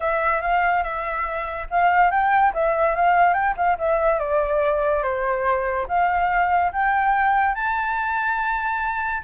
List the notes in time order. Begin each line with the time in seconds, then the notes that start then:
0.00 E5
0.41 F5
0.83 E5
1.70 F5
2.11 G5
2.53 E5
2.95 F5
3.33 G5
3.56 F5
3.78 E5
4.19 D5
5.02 C5
5.88 F5
6.72 G5
7.54 A5